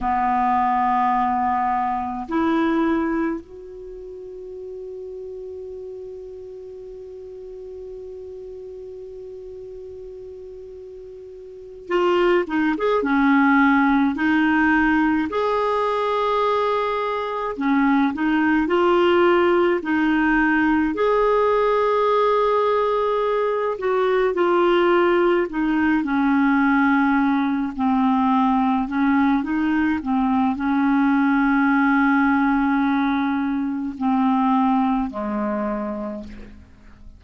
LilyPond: \new Staff \with { instrumentName = "clarinet" } { \time 4/4 \tempo 4 = 53 b2 e'4 fis'4~ | fis'1~ | fis'2~ fis'8 f'8 dis'16 gis'16 cis'8~ | cis'8 dis'4 gis'2 cis'8 |
dis'8 f'4 dis'4 gis'4.~ | gis'4 fis'8 f'4 dis'8 cis'4~ | cis'8 c'4 cis'8 dis'8 c'8 cis'4~ | cis'2 c'4 gis4 | }